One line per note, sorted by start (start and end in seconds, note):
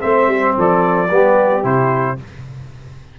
0.00 0.27 A3
0.00 1.08 C4
0.00 0.55 C5
0.00 0.55 E5
0.27 0.55 G3
0.56 1.11 F3
0.56 1.10 A4
0.56 1.65 D5
1.11 1.64 G3
1.11 1.63 B3
1.11 2.19 G4
1.63 2.18 C3
1.63 2.17 E4
1.63 2.19 C5